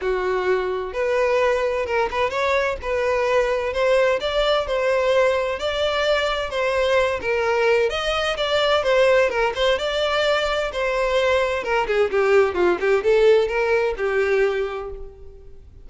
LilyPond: \new Staff \with { instrumentName = "violin" } { \time 4/4 \tempo 4 = 129 fis'2 b'2 | ais'8 b'8 cis''4 b'2 | c''4 d''4 c''2 | d''2 c''4. ais'8~ |
ais'4 dis''4 d''4 c''4 | ais'8 c''8 d''2 c''4~ | c''4 ais'8 gis'8 g'4 f'8 g'8 | a'4 ais'4 g'2 | }